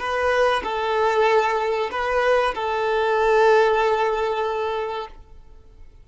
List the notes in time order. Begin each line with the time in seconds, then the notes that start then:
0.00 B4
0.64 A4
1.91 B4
2.55 A4